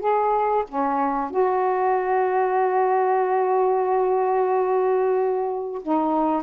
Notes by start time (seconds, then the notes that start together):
0.00 G#4
0.69 C#4
1.30 F#4
5.83 D#4